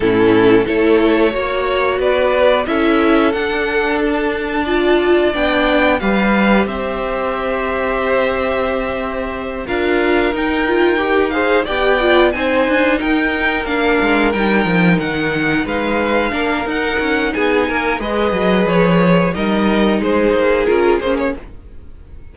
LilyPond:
<<
  \new Staff \with { instrumentName = "violin" } { \time 4/4 \tempo 4 = 90 a'4 cis''2 d''4 | e''4 fis''4 a''2 | g''4 f''4 e''2~ | e''2~ e''8 f''4 g''8~ |
g''4 f''8 g''4 gis''4 g''8~ | g''8 f''4 g''4 fis''4 f''8~ | f''4 fis''4 gis''4 dis''4 | cis''4 dis''4 c''4 ais'8 c''16 cis''16 | }
  \new Staff \with { instrumentName = "violin" } { \time 4/4 e'4 a'4 cis''4 b'4 | a'2. d''4~ | d''4 b'4 c''2~ | c''2~ c''8 ais'4.~ |
ais'4 c''8 d''4 c''4 ais'8~ | ais'2.~ ais'8 b'8~ | b'8 ais'4. gis'8 ais'8 b'4~ | b'4 ais'4 gis'2 | }
  \new Staff \with { instrumentName = "viola" } { \time 4/4 cis'4 e'4 fis'2 | e'4 d'2 f'4 | d'4 g'2.~ | g'2~ g'8 f'4 dis'8 |
f'8 g'8 gis'8 g'8 f'8 dis'4.~ | dis'8 d'4 dis'2~ dis'8~ | dis'8 d'8 dis'2 gis'4~ | gis'4 dis'2 f'8 cis'8 | }
  \new Staff \with { instrumentName = "cello" } { \time 4/4 a,4 a4 ais4 b4 | cis'4 d'2. | b4 g4 c'2~ | c'2~ c'8 d'4 dis'8~ |
dis'4. b4 c'8 d'8 dis'8~ | dis'8 ais8 gis8 g8 f8 dis4 gis8~ | gis8 ais8 dis'8 cis'8 b8 ais8 gis8 fis8 | f4 g4 gis8 ais8 cis'8 ais8 | }
>>